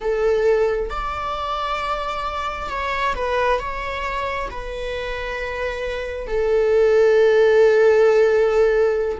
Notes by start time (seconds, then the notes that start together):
0.00 A4
0.90 D5
2.69 C#5
3.15 B4
3.59 C#5
4.50 B4
6.27 A4